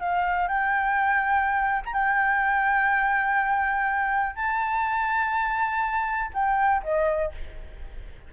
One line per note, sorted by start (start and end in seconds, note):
0.00 0.48 F5
0.48 1.82 G5
1.85 1.93 A#5
1.93 4.36 G5
4.36 6.31 A5
6.34 6.82 G5
6.83 7.32 D#5